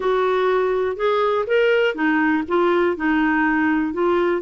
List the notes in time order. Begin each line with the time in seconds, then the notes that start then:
0.00 F#4
0.96 G#4
1.46 A#4
1.94 D#4
2.47 F4
2.96 D#4
3.93 F4